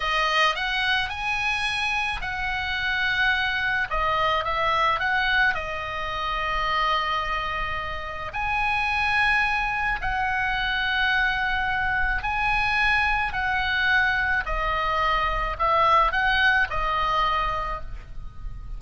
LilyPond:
\new Staff \with { instrumentName = "oboe" } { \time 4/4 \tempo 4 = 108 dis''4 fis''4 gis''2 | fis''2. dis''4 | e''4 fis''4 dis''2~ | dis''2. gis''4~ |
gis''2 fis''2~ | fis''2 gis''2 | fis''2 dis''2 | e''4 fis''4 dis''2 | }